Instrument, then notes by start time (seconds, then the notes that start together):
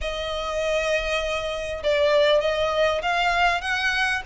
violin
0.01 D#5
1.83 D5
2.40 D#5
3.01 F5
3.61 F#5